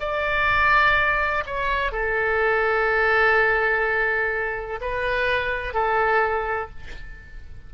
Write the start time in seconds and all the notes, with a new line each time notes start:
0.00 D5
1.46 C#5
1.92 A4
4.81 B4
5.74 A4